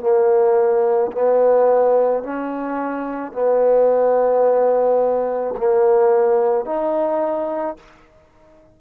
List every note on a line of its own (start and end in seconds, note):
0.00 1.11 A#3
1.12 2.23 B3
2.23 3.32 C#4
3.32 5.55 B3
5.57 6.65 A#3
6.65 7.76 D#4